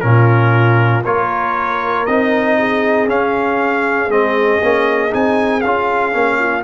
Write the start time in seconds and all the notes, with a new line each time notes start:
0.00 A#2 C#4 F4 A#4
1.04 A#3 F4 A#4 C#5
2.06 C4 D#4 D#5
2.58 G#4
3.08 C#4 F5
4.09 G#3 C4 D#5
4.62 A#3 C#4
5.10 C4 D#4 G#5
5.61 C#4 F4 F5
6.12 A#3 C#4
6.39 F4